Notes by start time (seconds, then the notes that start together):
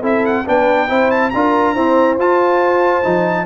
0.00 C4 E4 A4 E5
0.25 F#5
0.46 B3 D4 B4 G5
0.88 C4 E4 C5
1.11 A5
1.30 D4 F4 A#4 A#5
1.73 C4 E4 C5
2.18 F4 A5
3.03 F3 D#4